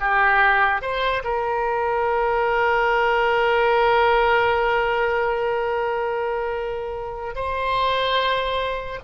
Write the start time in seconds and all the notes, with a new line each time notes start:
0.00 G4
0.81 C5
1.24 A#4
7.35 C5